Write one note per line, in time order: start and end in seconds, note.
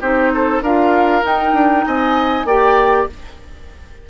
0.00 0.60 C4
0.00 0.63 D#4
0.00 0.31 G4
0.00 0.62 C5
0.34 0.62 A4
0.60 1.22 D4
0.60 1.22 F4
0.60 1.84 A#4
0.60 1.24 F5
1.22 2.44 D#4
1.22 1.53 D#4
1.22 1.85 G5
1.53 1.83 D4
1.85 2.44 C4
1.85 2.46 D#5
1.85 2.46 G#5
2.44 3.05 A#3
2.44 3.09 G4
2.44 3.07 D5
2.44 3.07 G5